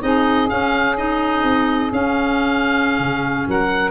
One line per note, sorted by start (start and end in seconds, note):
0.00 0.50 C4
0.00 0.47 D#4
0.00 3.47 G#4
0.00 0.49 D#5
0.47 0.95 C#4
0.47 1.43 C#4
0.47 0.97 F5
0.96 1.90 D#4
0.96 1.92 D#5
1.43 1.90 C4
1.90 3.90 C#4
1.90 2.98 C#4
1.90 3.47 F5
2.98 3.46 C#3
3.47 3.90 F#3
3.47 3.90 A#4
3.47 3.90 F#5